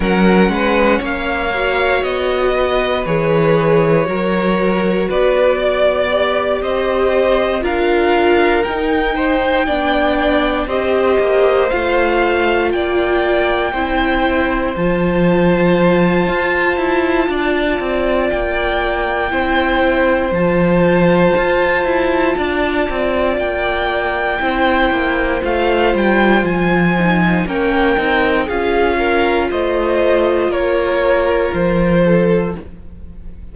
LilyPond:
<<
  \new Staff \with { instrumentName = "violin" } { \time 4/4 \tempo 4 = 59 fis''4 f''4 dis''4 cis''4~ | cis''4 d''4. dis''4 f''8~ | f''8 g''2 dis''4 f''8~ | f''8 g''2 a''4.~ |
a''2 g''2 | a''2. g''4~ | g''4 f''8 g''8 gis''4 g''4 | f''4 dis''4 cis''4 c''4 | }
  \new Staff \with { instrumentName = "violin" } { \time 4/4 ais'8 b'8 cis''4. b'4. | ais'4 b'8 d''4 c''4 ais'8~ | ais'4 c''8 d''4 c''4.~ | c''8 d''4 c''2~ c''8~ |
c''4 d''2 c''4~ | c''2 d''2 | c''2. ais'4 | gis'8 ais'8 c''4 ais'4. a'8 | }
  \new Staff \with { instrumentName = "viola" } { \time 4/4 cis'4. fis'4. gis'4 | fis'2 g'4. f'8~ | f'8 dis'4 d'4 g'4 f'8~ | f'4. e'4 f'4.~ |
f'2. e'4 | f'1 | e'4 f'4. dis'8 cis'8 dis'8 | f'1 | }
  \new Staff \with { instrumentName = "cello" } { \time 4/4 fis8 gis8 ais4 b4 e4 | fis4 b4. c'4 d'8~ | d'8 dis'4 b4 c'8 ais8 a8~ | a8 ais4 c'4 f4. |
f'8 e'8 d'8 c'8 ais4 c'4 | f4 f'8 e'8 d'8 c'8 ais4 | c'8 ais8 a8 g8 f4 ais8 c'8 | cis'4 a4 ais4 f4 | }
>>